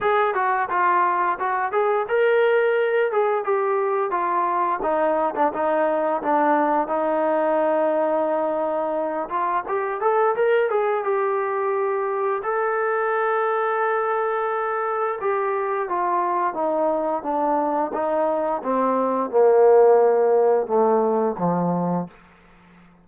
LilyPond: \new Staff \with { instrumentName = "trombone" } { \time 4/4 \tempo 4 = 87 gis'8 fis'8 f'4 fis'8 gis'8 ais'4~ | ais'8 gis'8 g'4 f'4 dis'8. d'16 | dis'4 d'4 dis'2~ | dis'4. f'8 g'8 a'8 ais'8 gis'8 |
g'2 a'2~ | a'2 g'4 f'4 | dis'4 d'4 dis'4 c'4 | ais2 a4 f4 | }